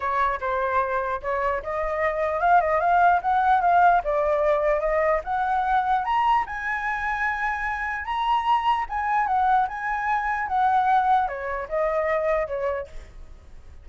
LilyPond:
\new Staff \with { instrumentName = "flute" } { \time 4/4 \tempo 4 = 149 cis''4 c''2 cis''4 | dis''2 f''8 dis''8 f''4 | fis''4 f''4 d''2 | dis''4 fis''2 ais''4 |
gis''1 | ais''2 gis''4 fis''4 | gis''2 fis''2 | cis''4 dis''2 cis''4 | }